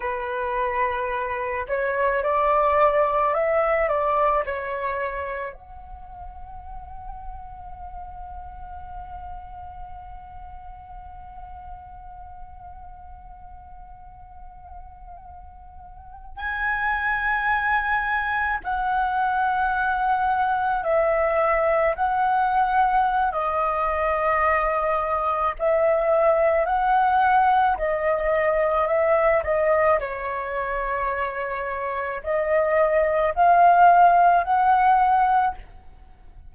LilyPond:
\new Staff \with { instrumentName = "flute" } { \time 4/4 \tempo 4 = 54 b'4. cis''8 d''4 e''8 d''8 | cis''4 fis''2.~ | fis''1~ | fis''2~ fis''8. gis''4~ gis''16~ |
gis''8. fis''2 e''4 fis''16~ | fis''4 dis''2 e''4 | fis''4 dis''4 e''8 dis''8 cis''4~ | cis''4 dis''4 f''4 fis''4 | }